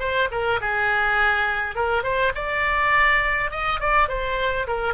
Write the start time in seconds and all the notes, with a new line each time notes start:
0.00 C5
0.32 A#4
0.61 G#4
1.76 A#4
2.04 C5
2.35 D5
3.51 D#5
3.80 D5
4.09 C5
4.67 A#4